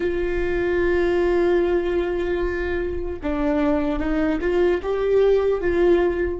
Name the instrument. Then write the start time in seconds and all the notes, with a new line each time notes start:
viola
0.00 F4
3.23 D4
3.99 D#4
4.40 F4
4.82 G4
5.60 F4